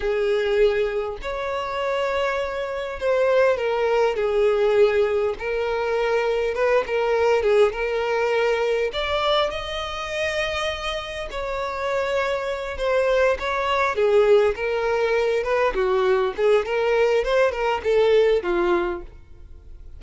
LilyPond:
\new Staff \with { instrumentName = "violin" } { \time 4/4 \tempo 4 = 101 gis'2 cis''2~ | cis''4 c''4 ais'4 gis'4~ | gis'4 ais'2 b'8 ais'8~ | ais'8 gis'8 ais'2 d''4 |
dis''2. cis''4~ | cis''4. c''4 cis''4 gis'8~ | gis'8 ais'4. b'8 fis'4 gis'8 | ais'4 c''8 ais'8 a'4 f'4 | }